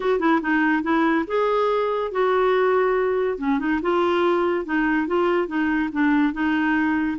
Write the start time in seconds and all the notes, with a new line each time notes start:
0.00 F#4
0.19 E4
0.41 D#4
0.82 E4
1.27 G#4
2.11 F#4
3.37 C#4
3.59 D#4
3.82 F4
4.65 D#4
5.07 F4
5.47 D#4
5.92 D4
6.33 D#4